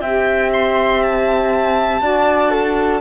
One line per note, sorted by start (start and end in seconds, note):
0.00 2.01 C4
0.00 2.00 G4
0.00 2.01 E5
0.00 0.50 G5
0.53 1.03 C6
1.03 3.01 A5
2.00 3.01 D4
2.00 3.00 F#4
2.00 2.50 D5
2.50 3.00 A4